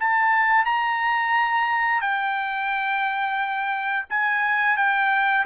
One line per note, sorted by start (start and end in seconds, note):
0.00 0.65 A5
0.65 2.02 A#5
2.02 4.06 G5
4.10 4.78 G#5
4.78 5.46 G5